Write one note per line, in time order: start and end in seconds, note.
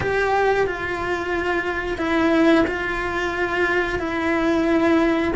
0.00 0.67 G4
0.67 1.98 F4
1.98 2.64 E4
2.67 3.99 F4
3.99 5.32 E4